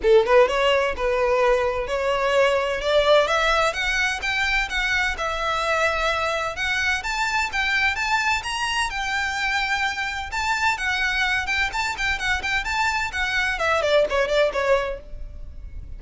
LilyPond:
\new Staff \with { instrumentName = "violin" } { \time 4/4 \tempo 4 = 128 a'8 b'8 cis''4 b'2 | cis''2 d''4 e''4 | fis''4 g''4 fis''4 e''4~ | e''2 fis''4 a''4 |
g''4 a''4 ais''4 g''4~ | g''2 a''4 fis''4~ | fis''8 g''8 a''8 g''8 fis''8 g''8 a''4 | fis''4 e''8 d''8 cis''8 d''8 cis''4 | }